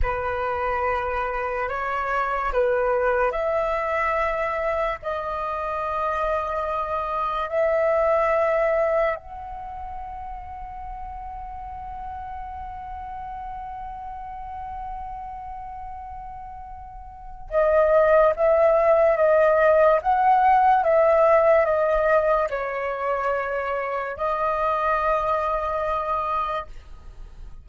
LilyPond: \new Staff \with { instrumentName = "flute" } { \time 4/4 \tempo 4 = 72 b'2 cis''4 b'4 | e''2 dis''2~ | dis''4 e''2 fis''4~ | fis''1~ |
fis''1~ | fis''4 dis''4 e''4 dis''4 | fis''4 e''4 dis''4 cis''4~ | cis''4 dis''2. | }